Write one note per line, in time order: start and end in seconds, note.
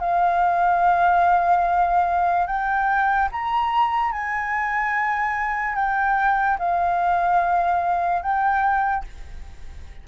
0.00 2.47 F5
2.47 3.29 G5
3.31 4.12 A#5
4.12 5.75 G#5
5.75 6.58 G5
6.59 8.22 F5
8.22 9.04 G5